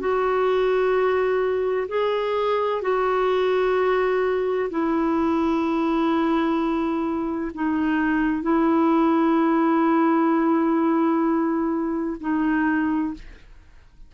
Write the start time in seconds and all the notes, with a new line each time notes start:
0.00 F#4
1.88 G#4
2.82 F#4
4.70 E4
7.54 D#4
8.42 E4
12.20 D#4